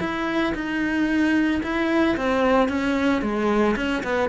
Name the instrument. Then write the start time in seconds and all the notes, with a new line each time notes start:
cello
0.00 E4
0.55 D#4
1.63 E4
2.17 C4
2.69 C#4
3.22 G#3
3.76 C#4
4.04 B3